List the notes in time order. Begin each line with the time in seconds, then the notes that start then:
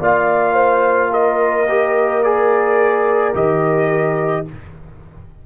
0.00 A#3 F4 D5 F5
0.53 C5
1.11 A#4 D#5
1.68 G4
2.23 G#4 D5
3.34 D#3 G4 D#5